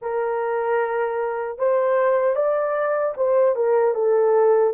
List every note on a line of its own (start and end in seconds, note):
0.01 1.58 A#4
1.58 2.35 C5
2.35 3.14 D5
3.17 3.55 C5
3.55 3.94 A#4
3.94 4.73 A4